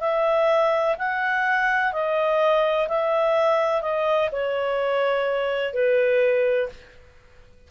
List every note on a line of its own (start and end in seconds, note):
0.00 0.95 E5
0.98 1.93 F#5
1.93 2.88 D#5
2.88 3.82 E5
3.82 4.29 D#5
4.32 5.74 C#5
5.74 6.69 B4